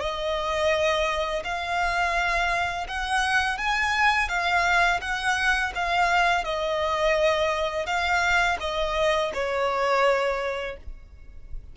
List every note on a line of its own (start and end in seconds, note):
0.00 1.43 D#5
1.44 2.87 F5
2.88 3.57 F#5
3.57 4.29 G#5
4.29 5.00 F5
5.01 5.72 F#5
5.75 6.44 F5
6.44 7.86 D#5
7.86 8.57 F5
8.60 9.32 D#5
9.34 10.77 C#5